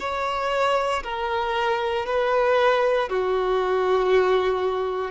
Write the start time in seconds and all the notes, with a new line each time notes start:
0.00 C#5
1.04 A#4
2.06 B4
3.09 F#4